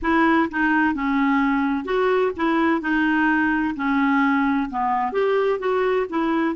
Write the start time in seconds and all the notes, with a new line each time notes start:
0.02 E4
0.51 D#4
0.94 C#4
1.85 F#4
2.36 E4
2.81 D#4
3.75 C#4
4.70 B3
5.12 G4
5.59 F#4
6.09 E4